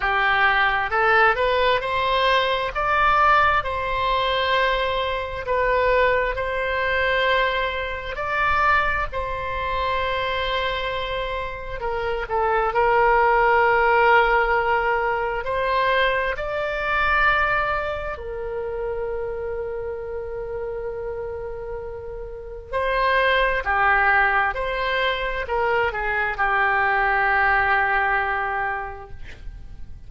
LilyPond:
\new Staff \with { instrumentName = "oboe" } { \time 4/4 \tempo 4 = 66 g'4 a'8 b'8 c''4 d''4 | c''2 b'4 c''4~ | c''4 d''4 c''2~ | c''4 ais'8 a'8 ais'2~ |
ais'4 c''4 d''2 | ais'1~ | ais'4 c''4 g'4 c''4 | ais'8 gis'8 g'2. | }